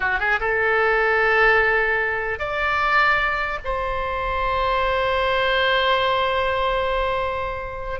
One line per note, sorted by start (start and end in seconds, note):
0.00 0.19 F#4
0.19 0.39 G#4
0.39 2.39 A4
2.39 3.59 D5
3.64 8.00 C5